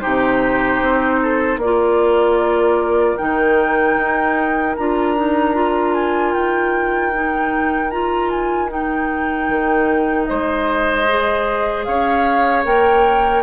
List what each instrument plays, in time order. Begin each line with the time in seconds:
0.00 bassoon C3, clarinet D#4, oboe G4, flute C5
0.80 bassoon C4
1.22 oboe A4
1.57 bassoon A#3, oboe A#4, flute D5
1.63 clarinet F4
3.17 bassoon D#3, clarinet D#4, flute G5
3.97 bassoon D#4
4.75 bassoon D4, clarinet F4, flute A#5
5.16 clarinet D#4
5.54 clarinet F4
5.94 flute G#5
6.32 bassoon D#4, flute G5
7.13 clarinet D#4
7.90 clarinet F4, flute A#5
8.30 flute G#5
8.68 clarinet D#4, flute G5
9.48 bassoon D#3
10.25 bassoon G#3, oboe C5, flute D#5
11.08 clarinet G#4
11.84 bassoon C#4, oboe C#5, flute F5
12.64 bassoon A#3, clarinet A#4, flute G5